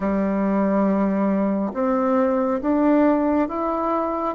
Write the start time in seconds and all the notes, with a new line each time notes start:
0.00 G3
1.74 C4
2.61 D4
3.48 E4